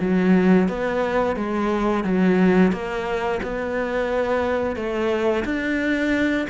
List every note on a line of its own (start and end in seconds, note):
0.00 0.68 F#3
0.68 1.36 B3
1.36 2.04 G#3
2.04 2.72 F#3
2.72 3.40 A#3
3.42 4.76 B3
4.76 5.44 A3
5.45 6.47 D4